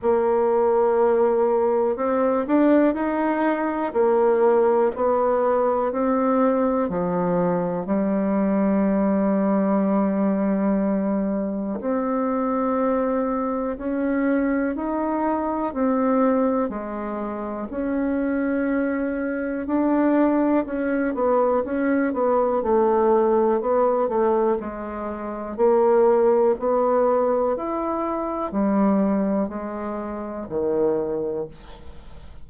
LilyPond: \new Staff \with { instrumentName = "bassoon" } { \time 4/4 \tempo 4 = 61 ais2 c'8 d'8 dis'4 | ais4 b4 c'4 f4 | g1 | c'2 cis'4 dis'4 |
c'4 gis4 cis'2 | d'4 cis'8 b8 cis'8 b8 a4 | b8 a8 gis4 ais4 b4 | e'4 g4 gis4 dis4 | }